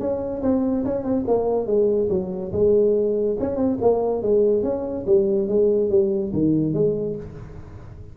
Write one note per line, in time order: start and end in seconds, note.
0.00 0.42 C#4
0.43 0.85 C4
0.85 1.04 C#4
1.04 1.25 C4
1.28 1.67 A#3
1.67 2.09 G#3
2.10 2.52 F#3
2.53 3.37 G#3
3.40 3.57 C#4
3.57 3.78 C4
3.82 4.23 A#3
4.23 4.64 G#3
4.64 5.06 C#4
5.06 5.49 G3
5.49 5.90 G#3
5.90 6.32 G3
6.33 6.74 D#3
6.74 7.16 G#3